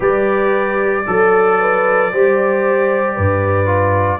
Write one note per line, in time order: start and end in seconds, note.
0.00 1.05 G3
0.00 1.04 G4
0.00 1.04 B4
0.00 4.19 D5
1.06 2.12 F#3
1.06 1.59 A4
1.06 2.12 A4
1.59 2.11 B4
2.11 3.17 G3
2.11 3.66 G4
2.11 3.15 C5
3.15 4.19 G2
3.15 4.19 B4
3.66 4.18 F4